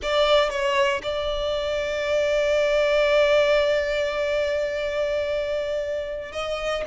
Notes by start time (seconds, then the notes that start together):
0.02 D5
0.49 C#5
1.02 D5
6.32 D#5